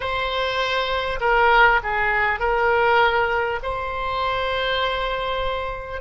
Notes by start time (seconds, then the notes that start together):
0.00 C5
1.20 A#4
1.83 G#4
2.39 A#4
3.62 C5